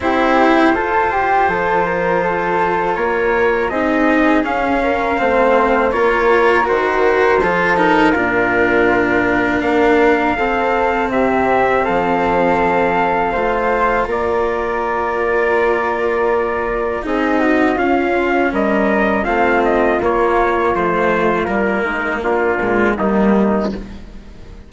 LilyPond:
<<
  \new Staff \with { instrumentName = "trumpet" } { \time 4/4 \tempo 4 = 81 c''1 | cis''4 dis''4 f''2 | cis''4 c''4. ais'4.~ | ais'4 f''2 e''4 |
f''2. d''4~ | d''2. dis''4 | f''4 dis''4 f''8 dis''8 cis''4 | c''4 ais'4 f'4 dis'4 | }
  \new Staff \with { instrumentName = "flute" } { \time 4/4 g'4 a'8 g'8 a'8 ais'8 a'4 | ais'4 gis'4. ais'8 c''4 | ais'2 a'4 f'4~ | f'4 ais'4 a'4 g'4 |
a'2 c''4 ais'4~ | ais'2. gis'8 fis'8 | f'4 ais'4 f'2~ | f'4. dis'8 d'4 ais4 | }
  \new Staff \with { instrumentName = "cello" } { \time 4/4 e'4 f'2.~ | f'4 dis'4 cis'4 c'4 | f'4 fis'4 f'8 dis'8 d'4~ | d'2 c'2~ |
c'2 f'2~ | f'2. dis'4 | cis'2 c'4 ais4 | a4 ais4. gis8 g4 | }
  \new Staff \with { instrumentName = "bassoon" } { \time 4/4 c'4 f'4 f2 | ais4 c'4 cis'4 a4 | ais4 dis4 f4 ais,4~ | ais,4 ais4 c'4 c4 |
f2 a4 ais4~ | ais2. c'4 | cis'4 g4 a4 ais4 | f4 g8 gis8 ais8 ais,8 dis4 | }
>>